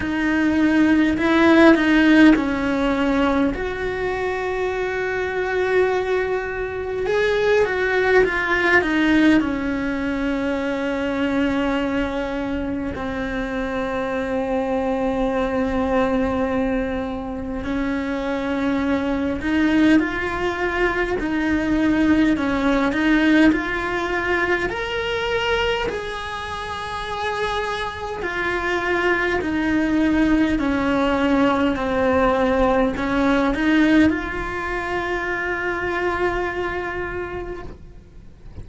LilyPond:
\new Staff \with { instrumentName = "cello" } { \time 4/4 \tempo 4 = 51 dis'4 e'8 dis'8 cis'4 fis'4~ | fis'2 gis'8 fis'8 f'8 dis'8 | cis'2. c'4~ | c'2. cis'4~ |
cis'8 dis'8 f'4 dis'4 cis'8 dis'8 | f'4 ais'4 gis'2 | f'4 dis'4 cis'4 c'4 | cis'8 dis'8 f'2. | }